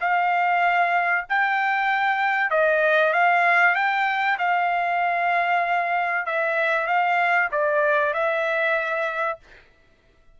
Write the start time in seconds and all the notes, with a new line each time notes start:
0.00 F5
1.29 G5
2.50 D#5
3.13 F5
3.75 G5
4.38 F5
6.26 E5
6.86 F5
7.51 D5
8.13 E5